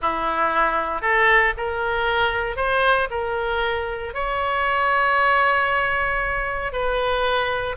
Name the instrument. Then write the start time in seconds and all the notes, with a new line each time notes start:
oboe
0.01 E4
1.01 A4
1.57 A#4
2.56 C5
3.10 A#4
4.14 C#5
6.72 B4